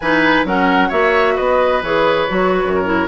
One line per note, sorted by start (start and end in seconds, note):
0.00 0.44 E3
0.00 0.46 D#4
0.00 0.46 B4
0.00 0.46 G#5
0.44 0.90 F#3
0.44 0.90 C#4
0.44 0.88 A#4
0.44 0.90 F#5
0.88 1.37 A#3
0.88 1.82 F#4
0.88 1.34 C#5
0.88 1.36 E5
1.35 1.82 B3
1.35 2.73 B4
1.35 1.82 D#5
1.82 2.28 E3
1.82 2.28 G#4
1.82 3.08 C#5
2.28 2.64 F#3
2.28 2.84 F#4
2.64 3.08 F#2
2.74 3.08 A#4
2.84 3.07 E4